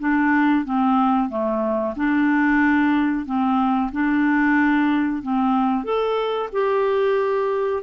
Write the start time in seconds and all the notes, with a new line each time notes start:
0.00 D4
0.65 C4
1.30 A3
1.97 D4
3.26 C4
3.92 D4
5.23 C4
5.84 A4
6.53 G4